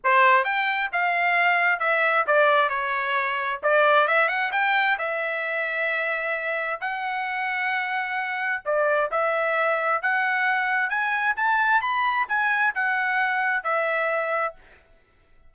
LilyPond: \new Staff \with { instrumentName = "trumpet" } { \time 4/4 \tempo 4 = 132 c''4 g''4 f''2 | e''4 d''4 cis''2 | d''4 e''8 fis''8 g''4 e''4~ | e''2. fis''4~ |
fis''2. d''4 | e''2 fis''2 | gis''4 a''4 b''4 gis''4 | fis''2 e''2 | }